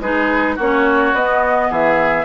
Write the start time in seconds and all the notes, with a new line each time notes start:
0.00 G#3 D#4 G#4 B4
0.55 A#3 C#4 F#4 C#5
1.13 B3 D#5
1.70 E3 G#4 E5